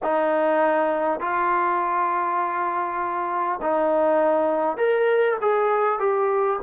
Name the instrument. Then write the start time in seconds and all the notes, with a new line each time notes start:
trombone
0.02 D#4
1.19 F4
3.61 D#4
4.77 A#4
5.41 G#4
5.99 G4